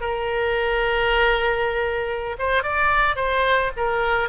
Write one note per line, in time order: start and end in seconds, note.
0.00 2.36 A#4
2.38 2.63 C5
2.63 3.15 D5
3.15 3.71 C5
3.76 4.29 A#4